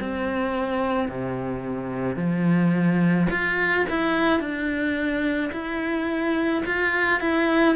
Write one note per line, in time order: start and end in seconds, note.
0.00 1.09 C4
1.09 2.16 C3
2.16 3.27 F3
3.30 3.86 F4
3.89 4.40 E4
4.40 5.51 D4
5.53 6.64 E4
6.66 7.20 F4
7.20 7.76 E4